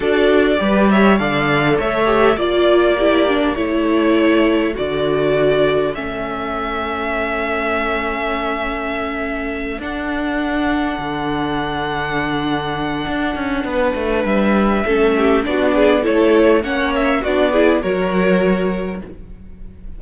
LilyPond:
<<
  \new Staff \with { instrumentName = "violin" } { \time 4/4 \tempo 4 = 101 d''4. e''8 f''4 e''4 | d''2 cis''2 | d''2 e''2~ | e''1~ |
e''8 fis''2.~ fis''8~ | fis''1 | e''2 d''4 cis''4 | fis''8 e''8 d''4 cis''2 | }
  \new Staff \with { instrumentName = "violin" } { \time 4/4 a'4 b'8 cis''8 d''4 cis''4 | d''4 g'4 a'2~ | a'1~ | a'1~ |
a'1~ | a'2. b'4~ | b'4 a'8 g'8 fis'8 gis'8 a'4 | cis''4 fis'8 gis'8 ais'2 | }
  \new Staff \with { instrumentName = "viola" } { \time 4/4 fis'4 g'4 a'4. g'8 | f'4 e'8 d'8 e'2 | fis'2 cis'2~ | cis'1~ |
cis'8 d'2.~ d'8~ | d'1~ | d'4 cis'4 d'4 e'4 | cis'4 d'8 e'8 fis'2 | }
  \new Staff \with { instrumentName = "cello" } { \time 4/4 d'4 g4 d4 a4 | ais2 a2 | d2 a2~ | a1~ |
a8 d'2 d4.~ | d2 d'8 cis'8 b8 a8 | g4 a4 b4 a4 | ais4 b4 fis2 | }
>>